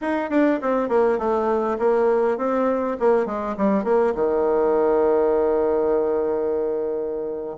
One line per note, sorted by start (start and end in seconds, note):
0.01 0.29 D#4
0.29 0.59 D4
0.61 0.89 C4
0.89 1.18 A#3
1.18 1.77 A3
1.78 2.37 A#3
2.37 2.97 C4
2.99 3.25 A#3
3.25 3.55 G#3
3.57 3.83 G3
3.83 4.13 A#3
4.14 7.56 D#3